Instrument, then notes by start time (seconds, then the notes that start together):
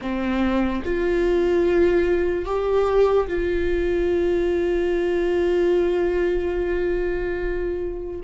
viola
0.01 C4
0.84 F4
2.45 G4
3.27 F4